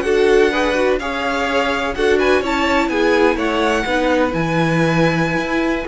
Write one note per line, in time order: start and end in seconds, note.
0.00 1.00 D4
0.00 0.51 F#4
0.00 0.52 A4
0.00 0.95 F#5
0.52 0.74 G#4
0.52 0.99 B4
0.74 0.98 F#4
0.99 1.95 C#4
0.99 1.96 G#4
0.99 1.95 C#5
0.99 1.94 F5
1.95 2.42 D4
1.95 2.43 F#4
1.95 2.19 A4
1.95 2.19 F#5
2.19 2.41 B4
2.19 2.43 G#5
2.41 2.89 C#4
2.41 3.86 E4
2.41 2.88 C#5
2.41 2.89 A5
2.89 3.36 B3
2.89 3.36 G#4
2.89 3.37 G#5
3.36 3.84 A3
3.36 3.84 C#5
3.36 4.33 F#5
3.85 4.33 B3
3.85 4.30 D#4
3.85 5.87 B4
4.30 5.37 E3
4.30 5.85 E4
4.30 5.87 G#5
5.37 5.85 E4